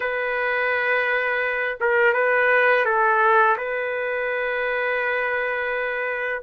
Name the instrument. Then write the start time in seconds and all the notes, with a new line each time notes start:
trumpet
0.00 B4
1.80 A#4
2.13 B4
2.85 A4
3.57 B4